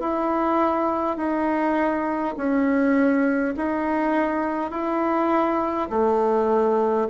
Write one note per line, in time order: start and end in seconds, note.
0.00 1.18 E4
1.18 2.35 D#4
2.37 3.55 C#4
3.57 4.71 D#4
4.71 5.89 E4
5.90 7.08 A3